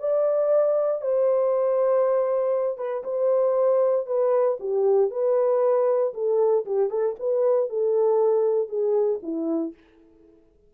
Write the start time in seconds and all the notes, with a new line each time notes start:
0.00 D5
1.02 C5
2.78 B4
3.04 C5
4.07 B4
4.60 G4
5.11 B4
6.14 A4
6.66 G4
6.90 A4
7.20 B4
7.70 A4
8.69 G#4
9.23 E4